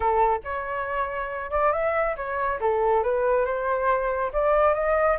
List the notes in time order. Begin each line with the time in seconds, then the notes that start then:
0.00 A4
0.44 C#5
1.50 D5
1.72 E5
2.16 C#5
2.60 A4
3.03 B4
3.45 C5
4.32 D5
4.74 D#5